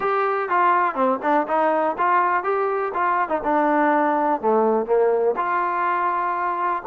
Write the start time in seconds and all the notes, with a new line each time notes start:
0.00 G4
0.49 F4
0.94 C4
1.22 D4
1.47 D#4
1.98 F4
2.43 G4
2.94 F4
3.28 D#4
3.44 D4
4.41 A3
4.86 A#3
5.36 F4